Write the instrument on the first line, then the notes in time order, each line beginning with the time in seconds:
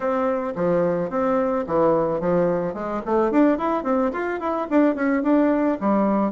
bassoon
0.00 C4
0.55 F3
1.10 C4
1.66 E3
2.20 F3
2.74 G#3
3.05 A3
3.31 D4
3.58 E4
3.83 C4
4.12 F4
4.40 E4
4.69 D4
4.95 C#4
5.23 D4
5.80 G3